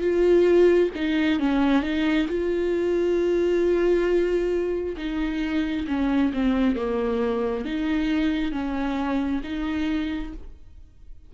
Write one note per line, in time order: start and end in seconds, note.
0.00 0.90 F4
0.94 1.39 D#4
1.39 1.82 C#4
1.82 2.27 D#4
2.27 4.96 F4
4.97 5.86 D#4
5.87 6.32 C#4
6.33 6.76 C4
6.76 7.64 A#3
7.64 8.51 D#4
8.51 9.41 C#4
9.43 10.33 D#4